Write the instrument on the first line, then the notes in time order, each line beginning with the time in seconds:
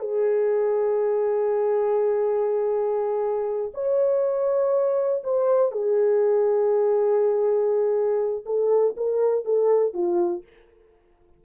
horn
0.00 G#4
3.74 C#5
5.24 C5
5.72 G#4
8.46 A4
8.97 A#4
9.45 A4
9.94 F4